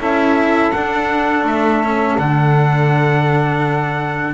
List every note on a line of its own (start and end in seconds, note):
0.00 0.72 C#4
0.00 0.73 E4
0.00 4.34 A4
0.00 0.72 E5
0.72 1.44 D4
0.72 1.84 D4
0.72 1.44 F#5
1.44 2.16 A3
1.44 2.19 E5
1.84 2.19 C#4
2.19 4.35 D3
2.19 4.35 D4
2.19 4.35 F#5